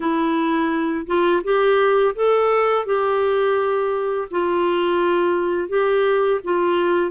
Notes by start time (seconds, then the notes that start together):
0.00 E4
1.06 F4
1.43 G4
2.15 A4
2.85 G4
4.30 F4
5.69 G4
6.44 F4